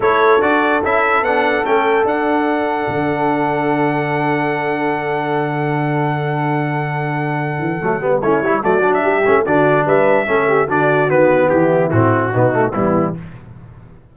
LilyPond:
<<
  \new Staff \with { instrumentName = "trumpet" } { \time 4/4 \tempo 4 = 146 cis''4 d''4 e''4 fis''4 | g''4 fis''2.~ | fis''1~ | fis''1~ |
fis''1 | cis''4 d''8. e''4~ e''16 d''4 | e''2 d''4 b'4 | g'4 fis'2 e'4 | }
  \new Staff \with { instrumentName = "horn" } { \time 4/4 a'1~ | a'1~ | a'1~ | a'1~ |
a'1 | e'4 fis'4 g'4 fis'4 | b'4 a'8 g'8 fis'2 | e'2 dis'4 b4 | }
  \new Staff \with { instrumentName = "trombone" } { \time 4/4 e'4 fis'4 e'4 d'4 | cis'4 d'2.~ | d'1~ | d'1~ |
d'2. a8 b8 | cis'8 e'8 a8 d'4 cis'8 d'4~ | d'4 cis'4 d'4 b4~ | b4 c'4 b8 a8 g4 | }
  \new Staff \with { instrumentName = "tuba" } { \time 4/4 a4 d'4 cis'4 b4 | a4 d'2 d4~ | d1~ | d1~ |
d2~ d8 e8 fis8 g8 | a8 g8 fis4 g8 a8 d4 | g4 a4 d4 dis4 | e4 a,4 b,4 e4 | }
>>